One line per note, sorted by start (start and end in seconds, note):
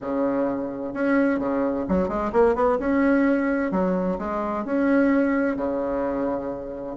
0.01 0.93 C#3
0.93 1.39 C#4
1.39 1.85 C#3
1.88 2.08 F#3
2.08 2.31 G#3
2.32 2.55 A#3
2.55 2.78 B3
2.79 3.71 C#4
3.71 4.17 F#3
4.18 4.64 G#3
4.64 5.56 C#4
5.56 6.96 C#3